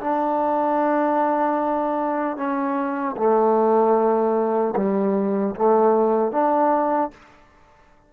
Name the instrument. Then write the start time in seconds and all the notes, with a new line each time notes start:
trombone
0.00 D4
2.37 C#4
3.17 A3
4.76 G3
5.55 A3
6.32 D4